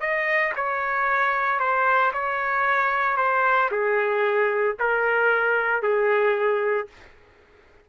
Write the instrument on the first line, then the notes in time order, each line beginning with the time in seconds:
trumpet
0.00 D#5
0.56 C#5
1.59 C5
2.13 C#5
3.17 C5
3.71 G#4
4.79 A#4
5.82 G#4